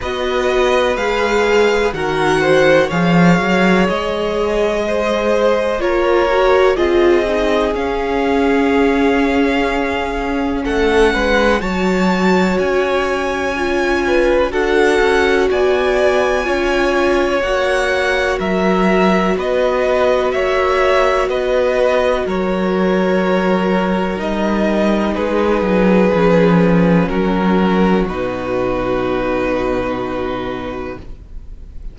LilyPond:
<<
  \new Staff \with { instrumentName = "violin" } { \time 4/4 \tempo 4 = 62 dis''4 f''4 fis''4 f''4 | dis''2 cis''4 dis''4 | f''2. fis''4 | a''4 gis''2 fis''4 |
gis''2 fis''4 e''4 | dis''4 e''4 dis''4 cis''4~ | cis''4 dis''4 b'2 | ais'4 b'2. | }
  \new Staff \with { instrumentName = "violin" } { \time 4/4 b'2 ais'8 c''8 cis''4~ | cis''4 c''4 ais'4 gis'4~ | gis'2. a'8 b'8 | cis''2~ cis''8 b'8 a'4 |
d''4 cis''2 ais'4 | b'4 cis''4 b'4 ais'4~ | ais'2 gis'2 | fis'1 | }
  \new Staff \with { instrumentName = "viola" } { \time 4/4 fis'4 gis'4 fis'4 gis'4~ | gis'2 f'8 fis'8 f'8 dis'8 | cis'1 | fis'2 f'4 fis'4~ |
fis'4 f'4 fis'2~ | fis'1~ | fis'4 dis'2 cis'4~ | cis'4 dis'2. | }
  \new Staff \with { instrumentName = "cello" } { \time 4/4 b4 gis4 dis4 f8 fis8 | gis2 ais4 c'4 | cis'2. a8 gis8 | fis4 cis'2 d'8 cis'8 |
b4 cis'4 ais4 fis4 | b4 ais4 b4 fis4~ | fis4 g4 gis8 fis8 f4 | fis4 b,2. | }
>>